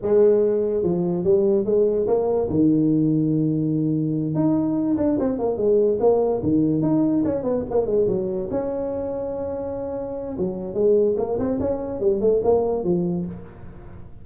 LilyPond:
\new Staff \with { instrumentName = "tuba" } { \time 4/4 \tempo 4 = 145 gis2 f4 g4 | gis4 ais4 dis2~ | dis2~ dis8 dis'4. | d'8 c'8 ais8 gis4 ais4 dis8~ |
dis8 dis'4 cis'8 b8 ais8 gis8 fis8~ | fis8 cis'2.~ cis'8~ | cis'4 fis4 gis4 ais8 c'8 | cis'4 g8 a8 ais4 f4 | }